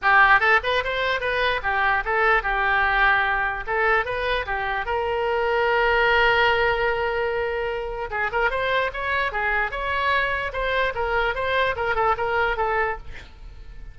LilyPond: \new Staff \with { instrumentName = "oboe" } { \time 4/4 \tempo 4 = 148 g'4 a'8 b'8 c''4 b'4 | g'4 a'4 g'2~ | g'4 a'4 b'4 g'4 | ais'1~ |
ais'1 | gis'8 ais'8 c''4 cis''4 gis'4 | cis''2 c''4 ais'4 | c''4 ais'8 a'8 ais'4 a'4 | }